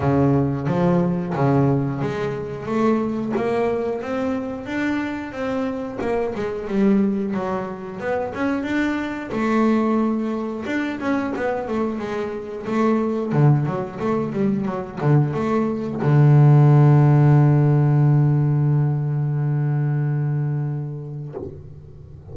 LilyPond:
\new Staff \with { instrumentName = "double bass" } { \time 4/4 \tempo 4 = 90 cis4 f4 cis4 gis4 | a4 ais4 c'4 d'4 | c'4 ais8 gis8 g4 fis4 | b8 cis'8 d'4 a2 |
d'8 cis'8 b8 a8 gis4 a4 | d8 fis8 a8 g8 fis8 d8 a4 | d1~ | d1 | }